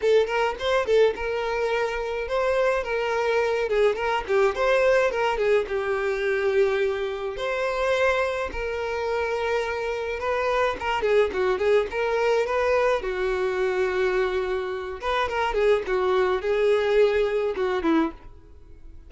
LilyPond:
\new Staff \with { instrumentName = "violin" } { \time 4/4 \tempo 4 = 106 a'8 ais'8 c''8 a'8 ais'2 | c''4 ais'4. gis'8 ais'8 g'8 | c''4 ais'8 gis'8 g'2~ | g'4 c''2 ais'4~ |
ais'2 b'4 ais'8 gis'8 | fis'8 gis'8 ais'4 b'4 fis'4~ | fis'2~ fis'8 b'8 ais'8 gis'8 | fis'4 gis'2 fis'8 e'8 | }